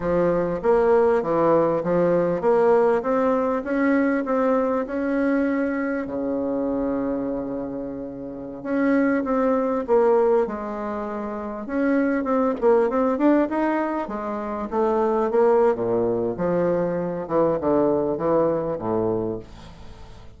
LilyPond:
\new Staff \with { instrumentName = "bassoon" } { \time 4/4 \tempo 4 = 99 f4 ais4 e4 f4 | ais4 c'4 cis'4 c'4 | cis'2 cis2~ | cis2~ cis16 cis'4 c'8.~ |
c'16 ais4 gis2 cis'8.~ | cis'16 c'8 ais8 c'8 d'8 dis'4 gis8.~ | gis16 a4 ais8. ais,4 f4~ | f8 e8 d4 e4 a,4 | }